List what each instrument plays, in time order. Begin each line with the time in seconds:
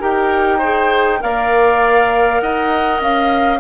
0.00 bassoon D#4, clarinet G4, oboe A#4, flute G5
0.58 clarinet G#4, oboe C5
1.19 bassoon A#3, clarinet A#4, oboe D5, flute F5
2.41 bassoon D#4, oboe D#5, flute F#5
3.01 bassoon C#4, flute F5